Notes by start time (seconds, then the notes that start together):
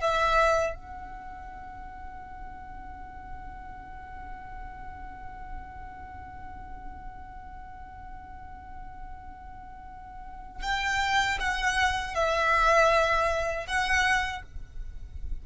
0.00 E5
0.75 F#5
10.62 G5
11.39 F#5
12.14 E5
13.66 F#5